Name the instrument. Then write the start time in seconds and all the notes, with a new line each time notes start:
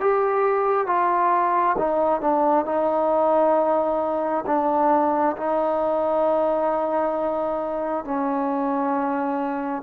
trombone
0.00 G4
0.87 F4
1.78 D#4
2.21 D4
2.65 D#4
4.47 D4
5.37 D#4
8.05 C#4